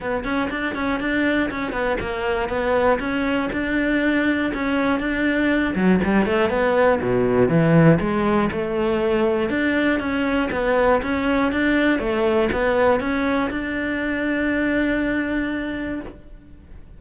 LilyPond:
\new Staff \with { instrumentName = "cello" } { \time 4/4 \tempo 4 = 120 b8 cis'8 d'8 cis'8 d'4 cis'8 b8 | ais4 b4 cis'4 d'4~ | d'4 cis'4 d'4. fis8 | g8 a8 b4 b,4 e4 |
gis4 a2 d'4 | cis'4 b4 cis'4 d'4 | a4 b4 cis'4 d'4~ | d'1 | }